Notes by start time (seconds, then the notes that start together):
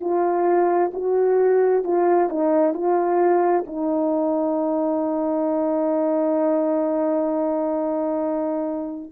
0.00 F4
0.93 F#4
1.83 F4
2.29 D#4
2.74 F4
3.66 D#4